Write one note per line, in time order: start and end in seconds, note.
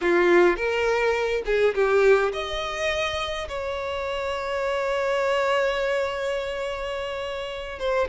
0.01 0.56 F4
0.56 1.42 A#4
1.45 1.74 G#4
1.74 2.32 G4
2.32 3.48 D#5
3.48 7.79 C#5
7.79 8.08 C5